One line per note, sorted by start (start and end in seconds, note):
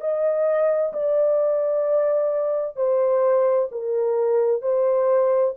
0.00 0.92 D#5
0.93 2.76 D5
2.76 3.68 C5
3.71 4.61 A#4
4.61 5.53 C5